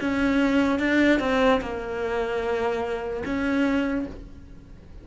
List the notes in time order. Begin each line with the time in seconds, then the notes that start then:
0.00 C#4
0.79 D4
1.19 C4
1.61 A#3
3.25 C#4